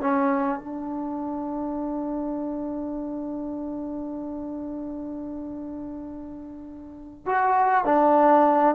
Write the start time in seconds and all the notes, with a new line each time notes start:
0.00 C#4
0.59 D4
7.26 F#4
7.85 D4